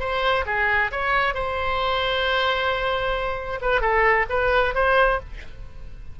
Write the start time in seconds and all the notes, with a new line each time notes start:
0.00 C5
0.46 G#4
0.92 C#5
1.34 C5
3.62 B4
3.81 A4
4.30 B4
4.75 C5